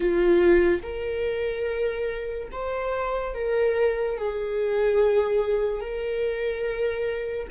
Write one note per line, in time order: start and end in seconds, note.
0.00 0.82 F4
0.82 2.49 A#4
2.51 3.34 C5
3.34 4.17 A#4
4.17 5.80 G#4
5.80 7.47 A#4